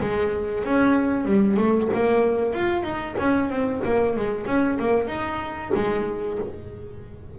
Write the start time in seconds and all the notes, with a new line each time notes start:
0.00 G#3
0.64 C#4
1.25 G3
1.57 A3
1.94 A#3
2.53 F4
2.83 D#4
3.18 C#4
3.49 C4
3.84 A#3
4.16 G#3
4.46 C#4
4.79 A#3
5.07 D#4
5.74 G#3